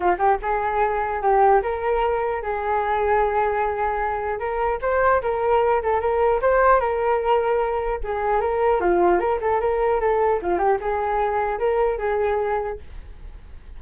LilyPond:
\new Staff \with { instrumentName = "flute" } { \time 4/4 \tempo 4 = 150 f'8 g'8 gis'2 g'4 | ais'2 gis'2~ | gis'2. ais'4 | c''4 ais'4. a'8 ais'4 |
c''4 ais'2. | gis'4 ais'4 f'4 ais'8 a'8 | ais'4 a'4 f'8 g'8 gis'4~ | gis'4 ais'4 gis'2 | }